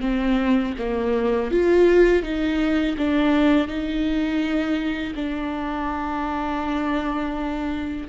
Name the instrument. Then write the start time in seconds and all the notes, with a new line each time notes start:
viola
0.00 C4
0.78 A#3
1.51 F4
2.23 D#4
2.97 D4
3.67 D#4
5.15 D4